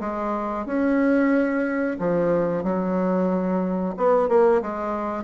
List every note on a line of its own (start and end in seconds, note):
0.00 0.65 G#3
0.65 1.97 C#4
1.98 2.63 F3
2.63 3.95 F#3
3.97 4.28 B3
4.28 4.61 A#3
4.61 5.23 G#3